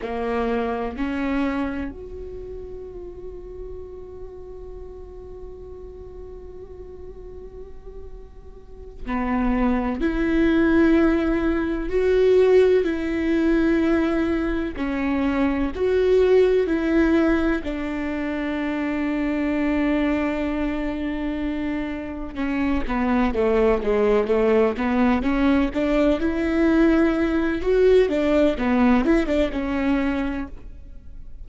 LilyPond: \new Staff \with { instrumentName = "viola" } { \time 4/4 \tempo 4 = 63 ais4 cis'4 fis'2~ | fis'1~ | fis'4. b4 e'4.~ | e'8 fis'4 e'2 cis'8~ |
cis'8 fis'4 e'4 d'4.~ | d'2.~ d'8 cis'8 | b8 a8 gis8 a8 b8 cis'8 d'8 e'8~ | e'4 fis'8 d'8 b8 e'16 d'16 cis'4 | }